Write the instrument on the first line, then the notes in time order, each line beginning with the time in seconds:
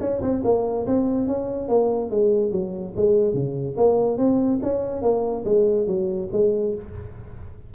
tuba
0.00 C#4
0.21 C4
0.44 A#3
0.86 C4
1.27 C#4
1.68 A#3
2.10 G#3
2.51 F#3
2.96 G#3
3.33 C#3
3.77 A#3
4.17 C4
4.62 C#4
5.02 A#3
5.44 G#3
5.86 F#3
6.32 G#3